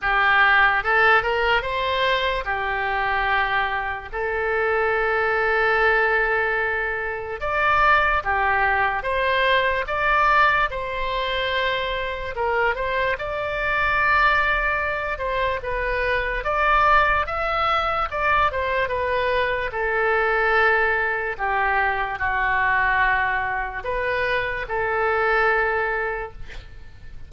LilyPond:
\new Staff \with { instrumentName = "oboe" } { \time 4/4 \tempo 4 = 73 g'4 a'8 ais'8 c''4 g'4~ | g'4 a'2.~ | a'4 d''4 g'4 c''4 | d''4 c''2 ais'8 c''8 |
d''2~ d''8 c''8 b'4 | d''4 e''4 d''8 c''8 b'4 | a'2 g'4 fis'4~ | fis'4 b'4 a'2 | }